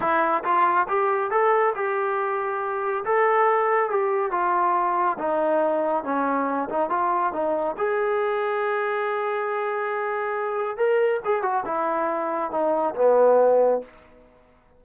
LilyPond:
\new Staff \with { instrumentName = "trombone" } { \time 4/4 \tempo 4 = 139 e'4 f'4 g'4 a'4 | g'2. a'4~ | a'4 g'4 f'2 | dis'2 cis'4. dis'8 |
f'4 dis'4 gis'2~ | gis'1~ | gis'4 ais'4 gis'8 fis'8 e'4~ | e'4 dis'4 b2 | }